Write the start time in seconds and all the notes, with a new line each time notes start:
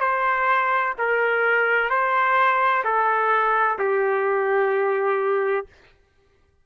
0.00 C5
0.98 A#4
1.89 C5
2.84 A4
3.78 G4